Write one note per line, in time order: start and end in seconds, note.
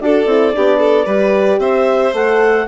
0.00 0.25 D4
0.00 0.26 F#4
0.00 0.55 A4
0.00 1.60 D5
0.25 0.52 C4
0.25 0.53 E4
0.53 1.06 B3
0.53 1.06 D4
0.53 0.79 G4
0.79 1.05 A4
1.05 1.58 G3
1.05 2.13 G4
1.05 1.59 B4
1.58 2.12 C4
1.58 2.66 C5
1.58 2.14 E5
2.13 2.66 A3
2.13 2.67 A4
2.13 2.68 F#5